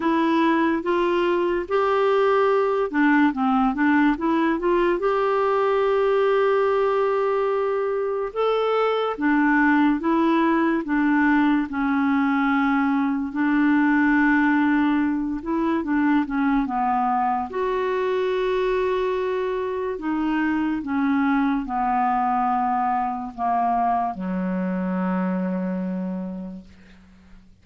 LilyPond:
\new Staff \with { instrumentName = "clarinet" } { \time 4/4 \tempo 4 = 72 e'4 f'4 g'4. d'8 | c'8 d'8 e'8 f'8 g'2~ | g'2 a'4 d'4 | e'4 d'4 cis'2 |
d'2~ d'8 e'8 d'8 cis'8 | b4 fis'2. | dis'4 cis'4 b2 | ais4 fis2. | }